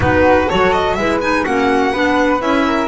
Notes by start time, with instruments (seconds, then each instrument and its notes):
0.00 double bass B3, clarinet D#4, flute F#4, violin B4
0.48 double bass F#3, clarinet F#4, flute A4, violin C#5
0.72 violin D#5
0.94 double bass G#3, clarinet E4, flute B4, violin E5
1.21 clarinet D#4, violin G#5
1.44 double bass A#3, clarinet C#4, flute F#4, violin F#5
1.92 double bass B3, clarinet D4, flute B4
2.40 double bass C#4, clarinet E4, violin E5
2.66 flute A#4